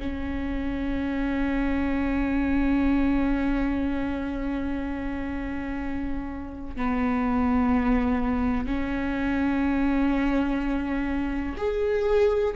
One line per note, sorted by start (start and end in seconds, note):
0.00 6.77 C#4
6.77 8.66 B3
8.66 11.56 C#4
11.58 12.55 G#4